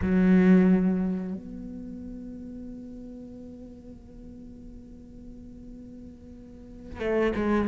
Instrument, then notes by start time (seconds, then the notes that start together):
cello
0.02 F#3
1.34 B3
6.99 A3
7.36 G#3